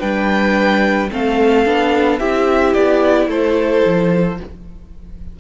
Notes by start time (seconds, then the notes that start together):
0.00 G3 D4 B4 G5
1.12 A3 C4 A4 F5
1.66 B3 D4
2.19 C4 E4 G4 E5
2.74 B3 D5
3.27 A3 A4 C5
3.86 F3